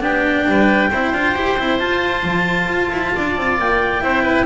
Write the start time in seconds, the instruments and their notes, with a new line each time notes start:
0.00 double bass B3, cello D4, oboe G4, clarinet G5
0.47 double bass G3, oboe B4
0.90 double bass C4, cello E4, oboe C5
1.12 double bass D4, cello F4
1.35 double bass E4, cello G4
1.58 double bass C4, cello E4
1.78 cello F4, double bass F4, clarinet A5
2.23 double bass F3
2.67 double bass F4
2.91 double bass E4
3.15 double bass D4, oboe D5
3.36 double bass C4
3.58 double bass A#3, clarinet G5
4.01 double bass C4, cello E4, oboe C5
4.23 oboe B4